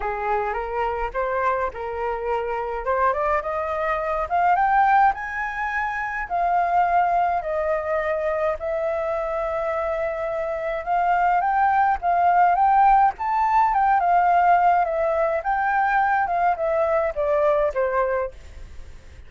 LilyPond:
\new Staff \with { instrumentName = "flute" } { \time 4/4 \tempo 4 = 105 gis'4 ais'4 c''4 ais'4~ | ais'4 c''8 d''8 dis''4. f''8 | g''4 gis''2 f''4~ | f''4 dis''2 e''4~ |
e''2. f''4 | g''4 f''4 g''4 a''4 | g''8 f''4. e''4 g''4~ | g''8 f''8 e''4 d''4 c''4 | }